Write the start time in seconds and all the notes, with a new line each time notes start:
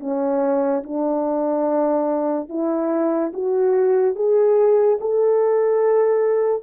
0.00 C#4
0.84 D4
2.49 E4
3.34 F#4
4.16 G#4
5.01 A4